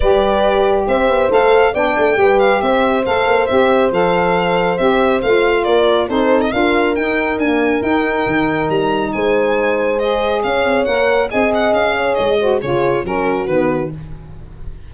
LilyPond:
<<
  \new Staff \with { instrumentName = "violin" } { \time 4/4 \tempo 4 = 138 d''2 e''4 f''4 | g''4. f''8 e''4 f''4 | e''4 f''2 e''4 | f''4 d''4 c''8. dis''16 f''4 |
g''4 gis''4 g''2 | ais''4 gis''2 dis''4 | f''4 fis''4 gis''8 fis''8 f''4 | dis''4 cis''4 ais'4 b'4 | }
  \new Staff \with { instrumentName = "horn" } { \time 4/4 b'2 c''2 | d''4 b'4 c''2~ | c''1~ | c''4 ais'4 a'4 ais'4~ |
ais'1~ | ais'4 c''2. | cis''2 dis''4. cis''8~ | cis''8 c''8 gis'4 fis'2 | }
  \new Staff \with { instrumentName = "saxophone" } { \time 4/4 g'2. a'4 | d'4 g'2 a'4 | g'4 a'2 g'4 | f'2 dis'4 f'4 |
dis'4 ais4 dis'2~ | dis'2. gis'4~ | gis'4 ais'4 gis'2~ | gis'8 fis'8 f'4 cis'4 b4 | }
  \new Staff \with { instrumentName = "tuba" } { \time 4/4 g2 c'8 b8 a4 | b8 a8 g4 c'4 a8 ais8 | c'4 f2 c'4 | a4 ais4 c'4 d'4 |
dis'4 d'4 dis'4 dis4 | g4 gis2. | cis'8 c'8 ais4 c'4 cis'4 | gis4 cis4 fis4 dis4 | }
>>